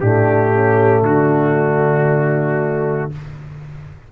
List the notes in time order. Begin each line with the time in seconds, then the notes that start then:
0.00 A2 A3 D4 G4
0.53 C#4
1.02 D3 D4 F#4